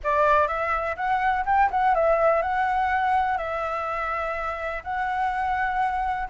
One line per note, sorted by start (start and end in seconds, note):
0.03 0.47 D5
0.47 0.95 E5
0.96 1.44 F#5
1.45 1.69 G5
1.70 1.94 F#5
1.94 2.42 E5
2.42 3.37 F#5
3.37 4.83 E5
4.83 6.28 F#5